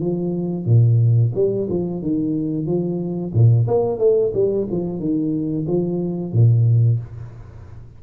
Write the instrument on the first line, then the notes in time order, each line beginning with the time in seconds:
tuba
0.00 F3
0.66 A#2
1.35 G3
1.69 F3
2.02 D#3
2.66 F3
3.34 A#2
3.68 A#3
3.99 A3
4.34 G3
4.71 F3
4.99 D#3
5.68 F3
6.33 A#2